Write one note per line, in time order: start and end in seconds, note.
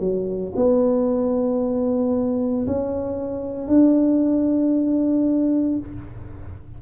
0.00 0.53 F#3
0.56 2.67 B3
2.67 3.68 C#4
3.68 5.78 D4